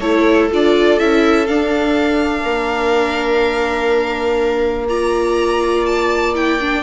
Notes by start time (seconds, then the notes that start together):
0.00 A3 E4 A4 C#5
0.51 D4 F4 D5
0.99 C#4 E4 E5
1.46 D4 F5
2.43 A#3 A#4
4.89 F4 D5 A#5
5.85 A5
6.35 E4 G5
6.60 D4